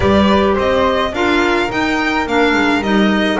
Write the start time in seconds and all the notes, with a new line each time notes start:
0.00 G3 G4 B4 D5
0.54 C4 C5 D#5
1.12 D4 F4 A#4 F5
1.69 D#4 G5
2.26 A#3 D4 F5
2.53 G#3
2.80 G3 D#4 D#5